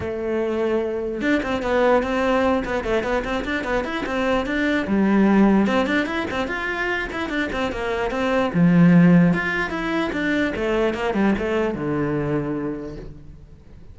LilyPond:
\new Staff \with { instrumentName = "cello" } { \time 4/4 \tempo 4 = 148 a2. d'8 c'8 | b4 c'4. b8 a8 b8 | c'8 d'8 b8 e'8 c'4 d'4 | g2 c'8 d'8 e'8 c'8 |
f'4. e'8 d'8 c'8 ais4 | c'4 f2 f'4 | e'4 d'4 a4 ais8 g8 | a4 d2. | }